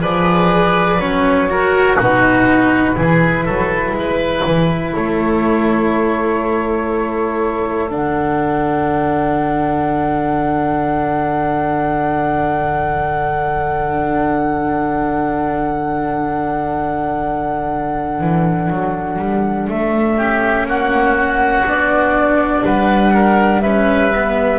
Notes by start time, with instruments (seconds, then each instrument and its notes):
0.00 double bass F3, cello G#4, oboe B4, flute D5
0.99 double bass F#3, cello C#4, flute C#5
1.50 cello F#4, oboe A#4
1.96 double bass B2, cello D#4, oboe F#4, flute B4
2.95 double bass E3, cello E4, oboe G#4
3.45 double bass F#3, oboe A4
3.91 double bass G#3
3.98 oboe B4
4.45 double bass E3
4.93 double bass A3, oboe A4, flute C#5
7.90 double bass D3, cello D4, flute F#5
18.21 double bass E3
18.70 double bass F#3
19.19 double bass G3
19.68 double bass A3, flute E5
20.17 cello C#4, oboe G4
20.65 double bass A#3, oboe F#4, flute F#5
21.65 double bass B3, cello D4, flute D5
22.65 double bass G3, oboe B4, flute F#5
23.14 oboe A#4
23.61 cello C#4, oboe B4, flute E5
24.15 cello B3